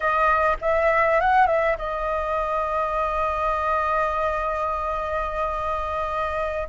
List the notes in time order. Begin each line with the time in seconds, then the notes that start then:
0.00 D#5
0.61 E5
1.20 F#5
1.47 E5
1.78 D#5